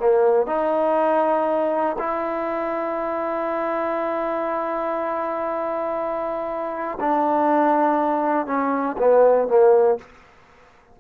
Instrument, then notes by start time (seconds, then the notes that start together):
trombone
0.00 A#3
0.47 D#4
1.99 E4
7.00 D4
8.47 C#4
8.99 B3
9.48 A#3